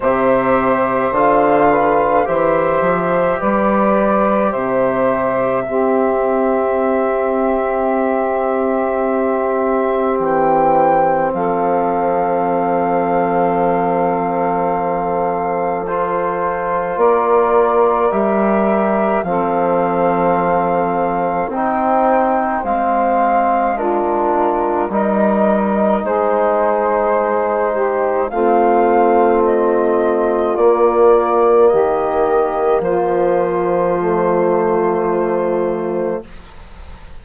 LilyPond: <<
  \new Staff \with { instrumentName = "flute" } { \time 4/4 \tempo 4 = 53 e''4 f''4 e''4 d''4 | e''1~ | e''4 g''4 f''2~ | f''2 c''4 d''4 |
e''4 f''2 g''4 | f''4 ais'4 dis''4 c''4~ | c''4 f''4 dis''4 d''4 | dis''4 c''2. | }
  \new Staff \with { instrumentName = "saxophone" } { \time 4/4 c''4. b'8 c''4 b'4 | c''4 g'2.~ | g'2 a'2~ | a'2. ais'4~ |
ais'4 a'2 c''4~ | c''4 f'4 ais'4 gis'4~ | gis'8 g'8 f'2. | g'4 f'2. | }
  \new Staff \with { instrumentName = "trombone" } { \time 4/4 g'4 f'4 g'2~ | g'4 c'2.~ | c'1~ | c'2 f'2 |
g'4 c'2 dis'4 | c'4 d'4 dis'2~ | dis'4 c'2 ais4~ | ais2 a2 | }
  \new Staff \with { instrumentName = "bassoon" } { \time 4/4 c4 d4 e8 f8 g4 | c4 c'2.~ | c'4 e4 f2~ | f2. ais4 |
g4 f2 c'4 | gis2 g4 gis4~ | gis4 a2 ais4 | dis4 f2. | }
>>